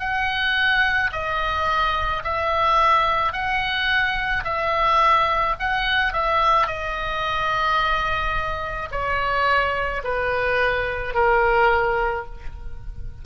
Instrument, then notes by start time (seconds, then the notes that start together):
oboe
0.00 F#5
1.12 D#5
2.24 E5
3.33 F#5
4.44 E5
5.60 F#5
6.13 E5
6.67 D#5
8.91 C#5
10.04 B4
11.15 A#4